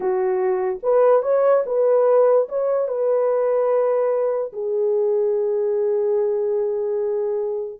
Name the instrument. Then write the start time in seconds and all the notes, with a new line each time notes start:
horn
0.00 F#4
0.82 B4
1.22 C#5
1.66 B4
2.48 C#5
2.87 B4
4.52 G#4